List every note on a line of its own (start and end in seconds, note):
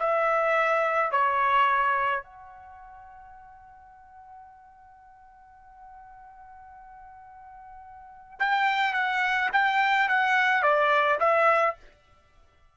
0.00 1.12 E5
1.12 2.24 C#5
2.24 8.40 F#5
8.40 8.94 G5
8.94 9.50 F#5
9.53 10.09 G5
10.09 10.63 F#5
10.63 11.19 D5
11.20 11.76 E5